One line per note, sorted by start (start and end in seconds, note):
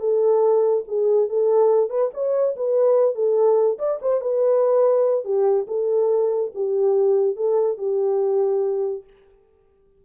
0.00 0.84 A4
0.88 1.29 G#4
1.29 1.90 A4
1.90 2.11 B4
2.14 2.56 C#5
2.56 3.15 B4
3.15 3.78 A4
3.79 4.00 D5
4.02 4.21 C5
4.21 5.24 B4
5.24 5.66 G4
5.68 6.51 A4
6.55 7.36 G4
7.36 7.78 A4
7.78 9.04 G4